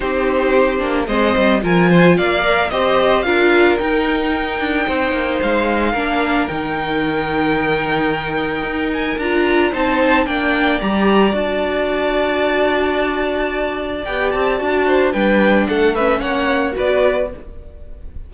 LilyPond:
<<
  \new Staff \with { instrumentName = "violin" } { \time 4/4 \tempo 4 = 111 c''2 dis''4 gis''4 | f''4 dis''4 f''4 g''4~ | g''2 f''2 | g''1~ |
g''8 gis''8 ais''4 a''4 g''4 | ais''4 a''2.~ | a''2 g''8 a''4. | g''4 fis''8 e''8 fis''4 d''4 | }
  \new Staff \with { instrumentName = "violin" } { \time 4/4 g'2 c''4 ais'8 c''8 | d''4 c''4 ais'2~ | ais'4 c''2 ais'4~ | ais'1~ |
ais'2 c''4 d''4~ | d''1~ | d''2.~ d''8 c''8 | b'4 a'8 b'8 cis''4 b'4 | }
  \new Staff \with { instrumentName = "viola" } { \time 4/4 dis'4. d'8 c'4 f'4~ | f'8 ais'8 g'4 f'4 dis'4~ | dis'2. d'4 | dis'1~ |
dis'4 f'4 dis'4 d'4 | g'4 fis'2.~ | fis'2 g'4 fis'4 | d'4. cis'4. fis'4 | }
  \new Staff \with { instrumentName = "cello" } { \time 4/4 c'4. ais8 gis8 g8 f4 | ais4 c'4 d'4 dis'4~ | dis'8 d'8 c'8 ais8 gis4 ais4 | dis1 |
dis'4 d'4 c'4 ais4 | g4 d'2.~ | d'2 b8 c'8 d'4 | g4 a4 ais4 b4 | }
>>